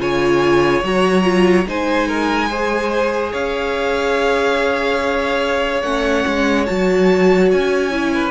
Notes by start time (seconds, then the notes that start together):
0.00 C#3 F4 C#5 G#5
0.84 F#3 F#4 A#5
1.23 F4
1.66 G#3 D#4 C5 G#5
2.08 A#4
2.49 G#4 C5
3.32 C#4 C#5 F5
5.82 A3 C#4 F#5
6.27 G#3
6.66 F#3 F#4 A5
7.52 C#4 G#5
7.91 E4
8.14 B4